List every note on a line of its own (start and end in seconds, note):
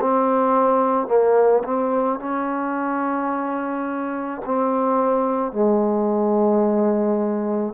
0.00 1.07 C4
1.07 1.63 A#3
1.64 2.19 C4
2.19 4.41 C#4
4.45 5.52 C4
5.52 7.73 G#3